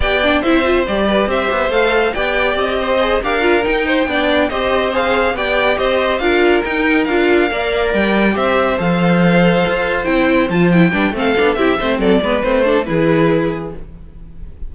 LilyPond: <<
  \new Staff \with { instrumentName = "violin" } { \time 4/4 \tempo 4 = 140 g''4 e''4 d''4 e''4 | f''4 g''4 dis''4. f''8~ | f''8 g''2 dis''4 f''8~ | f''8 g''4 dis''4 f''4 g''8~ |
g''8 f''2 g''4 e''8~ | e''8 f''2. g''8~ | g''8 a''8 g''4 f''4 e''4 | d''4 c''4 b'2 | }
  \new Staff \with { instrumentName = "violin" } { \time 4/4 d''4 c''4. b'8 c''4~ | c''4 d''4. c''4 ais'8~ | ais'4 c''8 d''4 c''4.~ | c''8 d''4 c''4 ais'4.~ |
ais'4. d''2 c''8~ | c''1~ | c''4. b'8 a'4 g'8 c''8 | a'8 b'4 a'8 gis'2 | }
  \new Staff \with { instrumentName = "viola" } { \time 4/4 g'8 d'8 e'8 f'8 g'2 | a'4 g'2 gis'8 g'8 | f'8 dis'4 d'4 g'4 gis'8~ | gis'8 g'2 f'4 dis'8~ |
dis'8 f'4 ais'2 g'8~ | g'8 a'2. e'8~ | e'8 f'8 e'8 d'8 c'8 d'8 e'8 c'8~ | c'8 b8 c'8 d'8 e'2 | }
  \new Staff \with { instrumentName = "cello" } { \time 4/4 b4 c'4 g4 c'8 b8 | a4 b4 c'4. d'8~ | d'8 dis'4 b4 c'4.~ | c'8 b4 c'4 d'4 dis'8~ |
dis'8 d'4 ais4 g4 c'8~ | c'8 f2 f'4 c'8~ | c'8 f4 g8 a8 b8 c'8 a8 | fis8 gis8 a4 e2 | }
>>